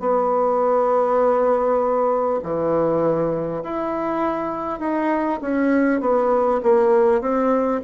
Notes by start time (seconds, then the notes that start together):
0.00 B3
2.43 E3
3.64 E4
4.79 D#4
5.42 C#4
6.01 B3
6.63 A#3
7.21 C4